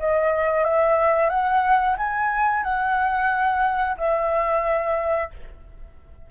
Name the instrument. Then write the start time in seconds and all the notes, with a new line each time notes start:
flute
0.00 D#5
0.65 E5
1.30 F#5
1.98 G#5
2.64 F#5
3.98 E5